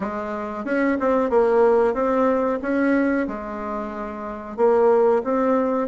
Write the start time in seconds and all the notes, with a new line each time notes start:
0.00 G#3
0.65 C#4
1.00 C4
1.30 A#3
1.94 C4
2.62 C#4
3.27 G#3
4.57 A#3
5.24 C4